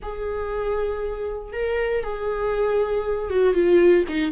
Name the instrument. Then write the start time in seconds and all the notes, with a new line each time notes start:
viola
0.02 G#4
1.53 A#4
2.03 G#4
3.30 F#4
3.54 F4
4.08 D#4